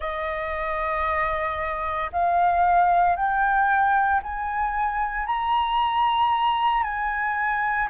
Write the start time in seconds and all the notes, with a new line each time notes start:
0.00 D#5
2.12 F5
3.16 G5
4.22 G#5
5.26 A#5
6.83 G#5